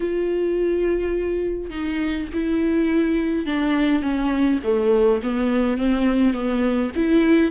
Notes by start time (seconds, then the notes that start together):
0.00 F4
1.70 D#4
2.33 E4
3.46 D4
4.01 C#4
4.63 A3
5.22 B3
5.77 C4
6.33 B3
6.95 E4